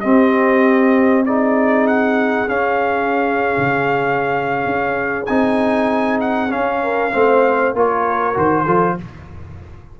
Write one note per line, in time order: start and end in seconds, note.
0.00 1.26 C4
0.00 2.48 C4
0.00 1.25 G4
0.00 1.24 D#5
1.25 2.48 D#4
1.25 6.82 G#4
1.25 1.87 D5
1.87 2.48 F#5
2.48 3.56 C#4
2.48 5.27 C#4
2.48 5.26 F5
3.57 4.65 C#3
4.65 5.27 C#4
5.26 6.53 C4
5.26 6.49 D#4
5.26 6.18 G#5
6.20 6.51 F#5
6.49 7.11 C#4
6.49 7.14 C#4
6.49 7.75 F5
6.82 7.13 A#4
7.13 7.74 A3
7.13 7.75 C4
7.13 7.75 C5
7.74 8.36 A#3
7.74 8.34 F4
7.74 8.64 A#4
7.74 8.38 C#5
8.34 8.66 D#3
8.34 8.65 F#4
8.34 9.00 C5
8.64 8.97 F3
8.64 8.98 F4
8.64 8.95 A4